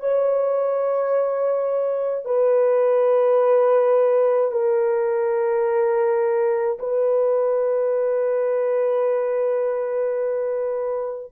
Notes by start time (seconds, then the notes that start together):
0.00 C#5
2.25 B4
4.51 A#4
6.79 B4